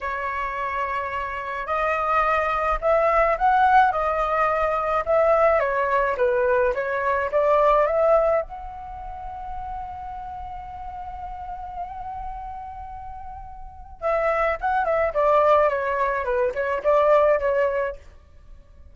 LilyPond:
\new Staff \with { instrumentName = "flute" } { \time 4/4 \tempo 4 = 107 cis''2. dis''4~ | dis''4 e''4 fis''4 dis''4~ | dis''4 e''4 cis''4 b'4 | cis''4 d''4 e''4 fis''4~ |
fis''1~ | fis''1~ | fis''4 e''4 fis''8 e''8 d''4 | cis''4 b'8 cis''8 d''4 cis''4 | }